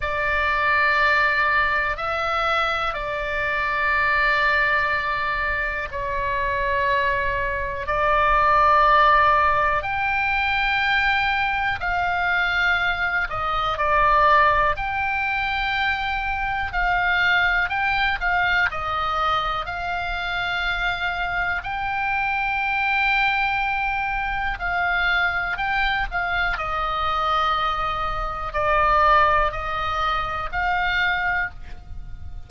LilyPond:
\new Staff \with { instrumentName = "oboe" } { \time 4/4 \tempo 4 = 61 d''2 e''4 d''4~ | d''2 cis''2 | d''2 g''2 | f''4. dis''8 d''4 g''4~ |
g''4 f''4 g''8 f''8 dis''4 | f''2 g''2~ | g''4 f''4 g''8 f''8 dis''4~ | dis''4 d''4 dis''4 f''4 | }